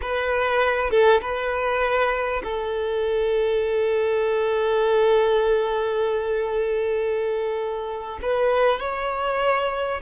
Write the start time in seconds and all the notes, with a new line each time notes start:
0.01 B4
0.90 A4
1.21 B4
2.43 A4
8.22 B4
8.79 C#5